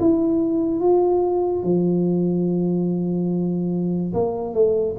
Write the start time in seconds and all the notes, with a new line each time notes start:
0.00 E4
0.81 F4
1.63 F3
4.14 A#3
4.54 A3